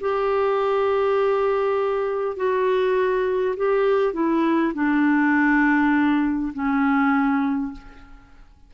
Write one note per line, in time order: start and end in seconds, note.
0.00 2.36 G4
2.36 3.55 F#4
3.56 4.13 G4
4.13 4.73 E4
4.74 6.52 D4
6.53 7.72 C#4